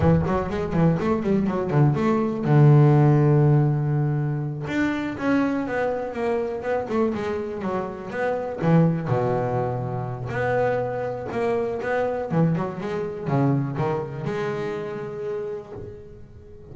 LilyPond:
\new Staff \with { instrumentName = "double bass" } { \time 4/4 \tempo 4 = 122 e8 fis8 gis8 e8 a8 g8 fis8 d8 | a4 d2.~ | d4. d'4 cis'4 b8~ | b8 ais4 b8 a8 gis4 fis8~ |
fis8 b4 e4 b,4.~ | b,4 b2 ais4 | b4 e8 fis8 gis4 cis4 | dis4 gis2. | }